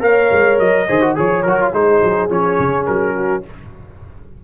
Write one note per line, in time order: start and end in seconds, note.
0.00 0.30 A#3
0.00 0.85 A#4
0.00 0.88 C#5
0.00 0.59 F5
0.32 0.60 G#3
0.59 0.88 F#3
0.59 1.16 D#5
0.88 1.18 D#3
0.88 1.01 G#4
0.88 1.16 C5
1.01 1.15 F#4
1.15 1.44 F3
1.15 1.44 G#4
1.15 1.73 C#5
1.15 1.43 C#5
1.43 1.73 F#3
1.43 1.60 F#4
1.43 1.71 A#4
1.60 1.73 F4
1.73 2.01 G#3
1.73 2.29 D#4
1.73 3.14 G#4
1.73 2.30 C5
2.03 2.30 F#3
2.29 2.58 F3
2.29 3.43 C#4
2.29 2.86 C#5
2.59 2.87 C#3
2.86 3.44 F#3
2.86 3.43 A#4
3.15 3.44 F#4